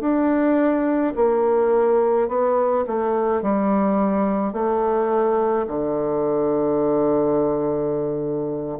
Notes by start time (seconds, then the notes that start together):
0.00 D4
1.15 A#3
2.28 B3
2.87 A3
3.42 G3
4.53 A3
5.67 D3